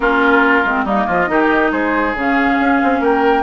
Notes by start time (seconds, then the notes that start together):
0.00 A#3 C#4 F4 A#4
0.65 G#3 C4
0.84 G3 A#3 D#4 D#5
1.06 F3 F4
1.27 D#3 D#4 G4
1.71 G#3 G#4 C5
2.14 C#3 C#4 F5
2.60 C#4
2.83 C4
3.00 A#3 A#4 G5